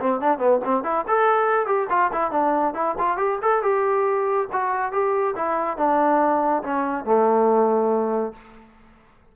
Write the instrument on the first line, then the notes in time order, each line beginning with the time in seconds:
trombone
0.00 C4
0.20 D4
0.39 B3
0.64 C4
0.84 E4
1.08 A4
1.66 G4
1.90 F4
2.12 E4
2.31 D4
2.74 E4
2.98 F4
3.17 G4
3.42 A4
3.62 G4
4.52 F#4
4.92 G4
5.36 E4
5.77 D4
6.63 C#4
7.05 A3